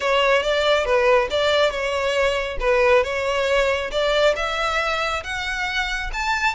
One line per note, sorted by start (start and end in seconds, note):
0.00 0.42 C#5
0.42 0.85 D5
0.85 1.28 B4
1.30 1.70 D5
1.70 2.57 C#5
2.60 3.03 B4
3.03 3.90 C#5
3.91 4.34 D5
4.36 5.23 E5
5.23 6.10 F#5
6.13 6.54 A5